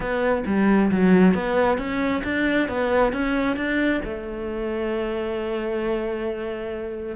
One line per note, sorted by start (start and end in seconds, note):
0.00 0.44 B3
0.46 0.90 G3
0.91 1.34 F#3
1.34 1.78 B3
1.78 2.23 C#4
2.24 2.68 D4
2.68 3.13 B3
3.13 3.56 C#4
3.56 4.01 D4
4.04 7.16 A3